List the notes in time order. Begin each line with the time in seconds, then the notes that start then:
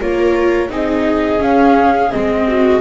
0.00 A#3 F4 A#4 C#5
0.69 C4 D#4 G#4 D#5
1.39 C#4 F5
2.12 G#3 C4 D#5
2.48 F#4